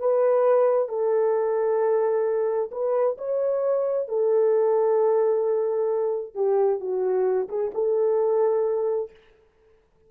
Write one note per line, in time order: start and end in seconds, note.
0.00 0.89 B4
0.89 2.71 A4
2.72 3.18 B4
3.18 4.09 C#5
4.09 6.35 A4
6.35 6.81 G4
6.81 7.49 F#4
7.49 7.72 G#4
7.75 9.11 A4